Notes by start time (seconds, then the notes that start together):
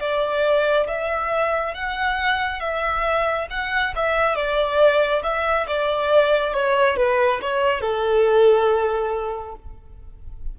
0.00 D5
0.87 E5
1.74 F#5
2.60 E5
3.50 F#5
3.96 E5
4.35 D5
5.23 E5
5.67 D5
6.53 C#5
6.96 B4
7.41 C#5
7.81 A4